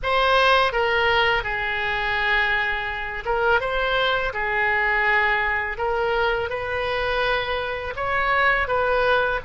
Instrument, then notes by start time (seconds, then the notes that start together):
oboe
0.02 C5
0.72 A#4
1.43 G#4
3.25 A#4
3.60 C5
4.33 G#4
5.77 A#4
6.49 B4
7.96 C#5
8.67 B4